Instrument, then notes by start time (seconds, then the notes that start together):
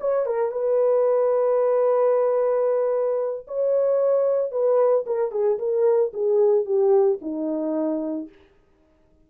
horn
0.00 C#5
0.26 A#4
0.52 B4
3.47 C#5
4.51 B4
5.06 A#4
5.32 G#4
5.59 A#4
6.13 G#4
6.66 G4
7.22 D#4